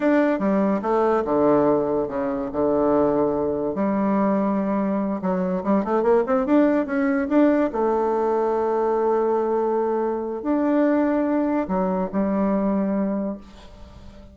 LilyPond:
\new Staff \with { instrumentName = "bassoon" } { \time 4/4 \tempo 4 = 144 d'4 g4 a4 d4~ | d4 cis4 d2~ | d4 g2.~ | g8 fis4 g8 a8 ais8 c'8 d'8~ |
d'8 cis'4 d'4 a4.~ | a1~ | a4 d'2. | fis4 g2. | }